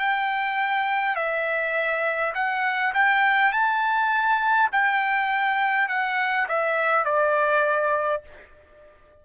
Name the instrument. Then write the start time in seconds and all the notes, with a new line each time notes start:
trumpet
0.00 G5
1.16 E5
2.35 F#5
2.94 G5
3.53 A5
4.72 G5
5.89 F#5
6.49 E5
7.05 D5